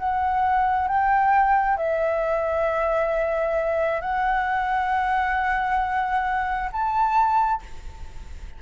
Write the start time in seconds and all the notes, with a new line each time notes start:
0.00 F#5
0.88 G5
1.77 E5
4.01 F#5
6.73 A5